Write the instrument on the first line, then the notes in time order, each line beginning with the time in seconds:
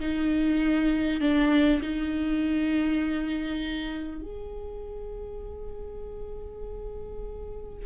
viola
0.00 D#4
1.21 D4
1.82 D#4
4.22 G#4